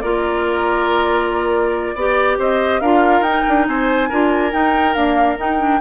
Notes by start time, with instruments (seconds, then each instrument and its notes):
0.00 bassoon A#3, clarinet F4, oboe A#4, flute D5
1.94 bassoon B3, clarinet G4, oboe D5
2.38 bassoon C4, oboe C5, flute D#5
2.80 bassoon D4, clarinet F4, oboe A#4, flute F5
3.20 bassoon D#4, flute G5
3.26 clarinet D#4
3.48 bassoon D4
3.67 bassoon C4, oboe C5, flute G#5
4.09 bassoon D4, clarinet F4, oboe A#4
4.51 clarinet D#4, bassoon D#4, flute G5
4.94 clarinet A#3, bassoon D4, flute F5
5.37 clarinet D#4, bassoon D#4, flute G5
5.59 clarinet D4